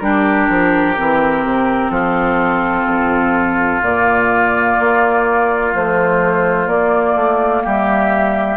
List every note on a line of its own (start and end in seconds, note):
0.00 0.49 G3
0.00 0.96 D4
0.00 1.92 G4
0.00 1.90 A#4
0.49 0.97 F3
0.97 1.44 E3
0.97 3.83 C4
1.44 1.90 C3
1.90 2.85 F3
1.90 7.63 F4
1.90 3.81 A4
2.87 3.82 F2
3.82 4.77 A#2
3.82 5.73 A#3
3.82 5.74 D5
4.80 5.75 A#3
5.73 6.68 F3
5.73 6.67 A3
5.73 6.68 C5
6.67 7.15 A#3
6.67 8.57 A#3
6.67 7.63 D5
7.16 7.63 A3
7.63 8.57 G3
7.63 8.57 G4
7.63 8.57 E5